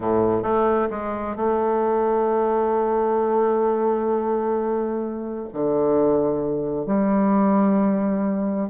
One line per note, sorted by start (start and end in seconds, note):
0.00 0.42 A2
0.42 0.88 A3
0.90 1.36 G#3
1.36 5.48 A3
5.53 6.86 D3
6.86 8.69 G3